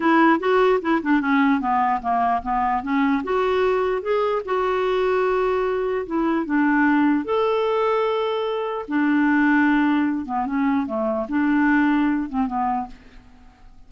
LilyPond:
\new Staff \with { instrumentName = "clarinet" } { \time 4/4 \tempo 4 = 149 e'4 fis'4 e'8 d'8 cis'4 | b4 ais4 b4 cis'4 | fis'2 gis'4 fis'4~ | fis'2. e'4 |
d'2 a'2~ | a'2 d'2~ | d'4. b8 cis'4 a4 | d'2~ d'8 c'8 b4 | }